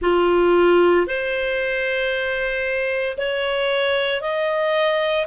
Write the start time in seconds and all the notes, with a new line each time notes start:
0.01 F4
1.06 C5
3.17 C#5
4.21 D#5